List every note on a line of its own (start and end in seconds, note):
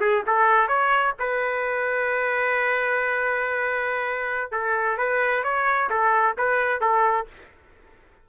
0.00 0.23 G#4
0.26 0.68 A4
0.68 1.14 C#5
1.19 4.51 B4
4.51 4.98 A4
4.98 5.43 B4
5.43 5.90 C#5
5.90 6.36 A4
6.37 6.81 B4
6.81 7.27 A4